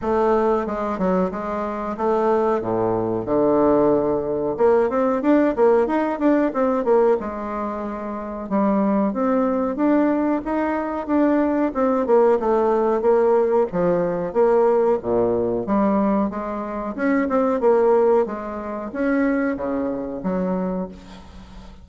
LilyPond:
\new Staff \with { instrumentName = "bassoon" } { \time 4/4 \tempo 4 = 92 a4 gis8 fis8 gis4 a4 | a,4 d2 ais8 c'8 | d'8 ais8 dis'8 d'8 c'8 ais8 gis4~ | gis4 g4 c'4 d'4 |
dis'4 d'4 c'8 ais8 a4 | ais4 f4 ais4 ais,4 | g4 gis4 cis'8 c'8 ais4 | gis4 cis'4 cis4 fis4 | }